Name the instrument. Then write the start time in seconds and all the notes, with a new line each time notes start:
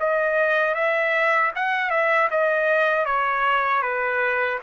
trumpet
0.00 D#5
0.74 E5
1.56 F#5
1.90 E5
2.30 D#5
3.05 C#5
3.82 B4